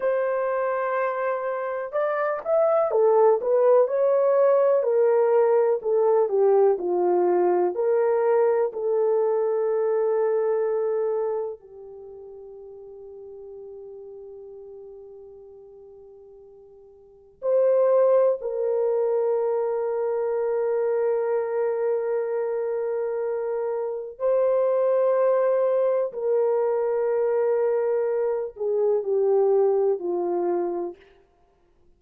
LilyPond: \new Staff \with { instrumentName = "horn" } { \time 4/4 \tempo 4 = 62 c''2 d''8 e''8 a'8 b'8 | cis''4 ais'4 a'8 g'8 f'4 | ais'4 a'2. | g'1~ |
g'2 c''4 ais'4~ | ais'1~ | ais'4 c''2 ais'4~ | ais'4. gis'8 g'4 f'4 | }